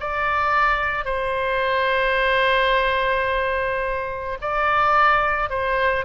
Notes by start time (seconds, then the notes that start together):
0.00 D5
1.05 C5
4.41 D5
5.49 C5